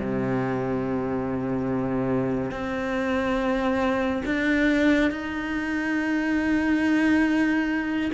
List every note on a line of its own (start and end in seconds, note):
0.00 2.52 C3
2.52 4.23 C4
4.26 5.12 D4
5.12 8.12 D#4